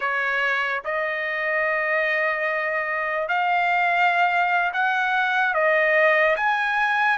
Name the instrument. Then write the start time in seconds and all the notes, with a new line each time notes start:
trumpet
0.00 C#5
0.84 D#5
3.28 F5
4.73 F#5
5.54 D#5
6.36 G#5